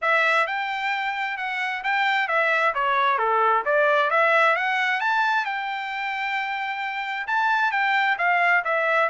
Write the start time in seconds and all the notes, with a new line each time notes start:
0.01 E5
0.46 G5
1.37 F#5
1.83 G5
2.28 E5
2.74 C#5
3.18 A4
3.65 D5
4.10 E5
4.56 F#5
5.00 A5
5.45 G5
7.27 A5
7.71 G5
8.18 F5
8.64 E5